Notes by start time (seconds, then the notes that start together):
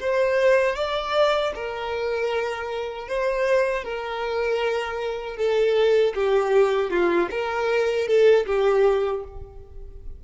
0.00 C5
0.76 D5
1.55 A#4
3.08 C5
3.84 A#4
5.37 A4
6.15 G4
6.91 F4
7.31 A#4
8.08 A4
8.47 G4